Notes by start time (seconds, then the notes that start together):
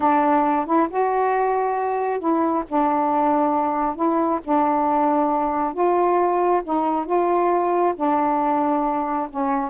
0.00 D4
0.66 E4
0.90 F#4
2.19 E4
2.68 D4
3.95 E4
4.44 D4
5.73 F4
6.64 D#4
7.05 F4
7.96 D4
9.30 C#4